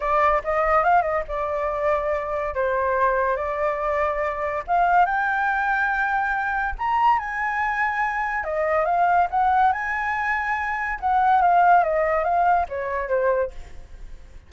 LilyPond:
\new Staff \with { instrumentName = "flute" } { \time 4/4 \tempo 4 = 142 d''4 dis''4 f''8 dis''8 d''4~ | d''2 c''2 | d''2. f''4 | g''1 |
ais''4 gis''2. | dis''4 f''4 fis''4 gis''4~ | gis''2 fis''4 f''4 | dis''4 f''4 cis''4 c''4 | }